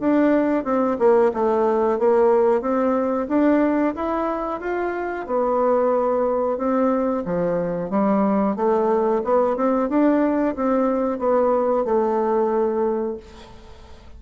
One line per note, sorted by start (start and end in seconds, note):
0.00 0.64 D4
0.64 0.97 C4
0.99 1.32 A#3
1.34 1.99 A3
1.99 2.61 A#3
2.61 3.27 C4
3.28 3.94 D4
3.95 4.61 E4
4.61 5.27 F4
5.27 6.58 B3
6.58 7.24 C4
7.25 7.90 F3
7.90 8.56 G3
8.56 9.22 A3
9.24 9.57 B3
9.57 9.89 C4
9.89 10.55 D4
10.56 11.19 C4
11.19 11.85 B3
11.85 13.17 A3